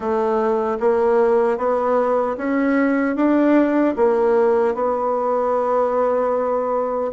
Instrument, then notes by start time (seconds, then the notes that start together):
bassoon
0.00 A3
0.80 A#3
1.57 B3
2.37 C#4
3.16 D4
3.96 A#3
4.74 B3